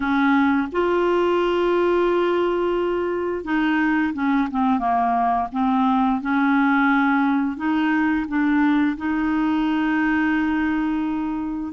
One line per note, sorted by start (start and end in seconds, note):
0.00 0.68 C#4
0.72 3.44 F4
3.44 4.13 D#4
4.13 4.48 C#4
4.50 4.78 C4
4.78 5.47 A#3
5.52 6.21 C4
6.21 7.56 C#4
7.56 8.25 D#4
8.28 8.97 D4
8.97 11.72 D#4